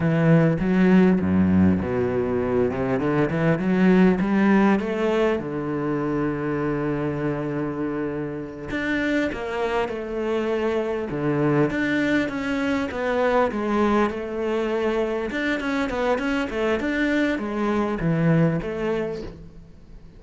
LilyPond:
\new Staff \with { instrumentName = "cello" } { \time 4/4 \tempo 4 = 100 e4 fis4 fis,4 b,4~ | b,8 c8 d8 e8 fis4 g4 | a4 d2.~ | d2~ d8 d'4 ais8~ |
ais8 a2 d4 d'8~ | d'8 cis'4 b4 gis4 a8~ | a4. d'8 cis'8 b8 cis'8 a8 | d'4 gis4 e4 a4 | }